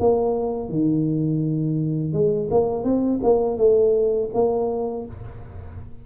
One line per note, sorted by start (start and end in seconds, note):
0.00 0.69 A#3
0.69 2.13 D#3
2.13 2.49 G#3
2.51 2.84 A#3
2.84 3.20 C4
3.23 3.58 A#3
3.58 4.30 A3
4.34 5.06 A#3